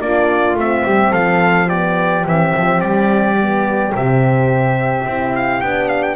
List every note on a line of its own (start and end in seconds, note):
0.00 0.55 A#3
0.00 0.57 D4
0.00 0.85 F4
0.00 0.56 D5
0.55 0.83 A3
0.55 1.69 C4
0.55 1.13 E5
0.85 1.13 G3
0.85 1.10 G4
1.10 2.25 F3
1.10 1.66 A4
1.10 1.68 F5
1.67 2.25 B3
1.67 6.15 G4
1.67 2.25 D5
2.25 2.54 E3
2.25 3.37 C4
2.25 2.80 E5
2.56 2.80 F3
2.80 3.93 G3
2.80 3.93 D5
3.41 3.94 B3
3.94 5.05 C3
3.94 5.06 C4
3.94 5.35 E5
5.05 5.61 C4
5.05 5.62 E4
5.35 5.61 F5
5.61 6.15 B3
5.61 6.15 D4
5.61 5.88 G5
5.88 6.02 F5
6.02 6.15 G5